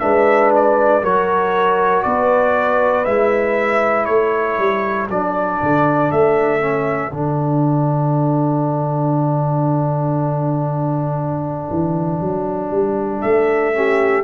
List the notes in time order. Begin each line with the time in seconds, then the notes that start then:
0.00 G#3 D4 B4 E5
0.55 D5
1.02 F#3 F#4 A#4 C#5
2.03 B3 B4 D5
3.05 G#3 E4 E5
4.06 A3 A4 C#5
4.58 G3
5.10 F#3 D4 D5
5.63 D3
6.11 A3 E5
6.60 C#4
7.12 D3 D4 F#5
11.70 E3
12.21 F#3
12.71 G3
13.21 A3 E5
13.74 C#4 G4